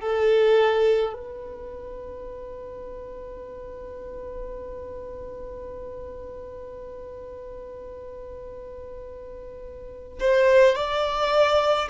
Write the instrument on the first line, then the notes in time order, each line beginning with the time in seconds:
violin
0.00 A4
1.13 B4
10.19 C5
10.75 D5